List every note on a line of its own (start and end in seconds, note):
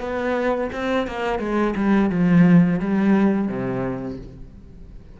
0.00 0.70 B3
0.72 1.07 C4
1.07 1.39 A#3
1.39 1.73 G#3
1.75 2.10 G3
2.10 2.79 F3
2.79 3.48 G3
3.48 4.17 C3